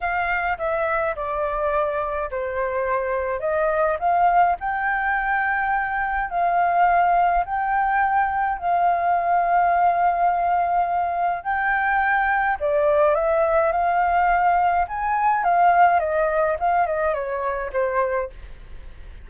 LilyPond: \new Staff \with { instrumentName = "flute" } { \time 4/4 \tempo 4 = 105 f''4 e''4 d''2 | c''2 dis''4 f''4 | g''2. f''4~ | f''4 g''2 f''4~ |
f''1 | g''2 d''4 e''4 | f''2 gis''4 f''4 | dis''4 f''8 dis''8 cis''4 c''4 | }